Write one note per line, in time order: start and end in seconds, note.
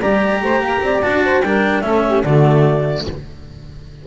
0.00 0.42 G3
0.00 1.02 G4
0.00 0.41 D5
0.00 1.02 A#5
0.42 0.60 A3
0.42 0.63 C5
0.60 0.80 A#3
0.60 0.83 A#4
0.80 1.01 C4
0.80 1.24 D5
1.02 1.42 D4
1.02 1.43 F#4
1.02 1.41 A5
1.24 1.44 C5
1.41 1.83 G3
1.41 1.83 D4
1.41 1.84 A#4
1.41 1.81 G5
1.81 2.24 A3
1.81 2.24 C#4
1.81 2.04 A4
1.81 2.22 E5
2.07 2.24 G4
2.24 3.05 D3
2.24 3.07 A3
2.24 3.05 F#4
2.24 3.05 D5